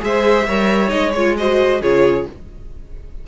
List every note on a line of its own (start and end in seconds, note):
0.00 0.47 G#3
0.00 0.45 G#4
0.00 0.47 C5
0.00 0.90 E5
0.47 0.92 G3
0.47 0.88 A#4
0.47 1.36 C#5
0.88 1.82 G#3
0.88 1.11 D#4
0.88 1.12 D#5
1.14 1.38 F4
1.14 1.36 C#5
1.38 1.82 F#4
1.38 1.81 C5
1.38 1.82 D#5
1.81 2.26 C#3
1.81 2.27 F4
1.81 2.26 G#4
1.81 2.28 C#5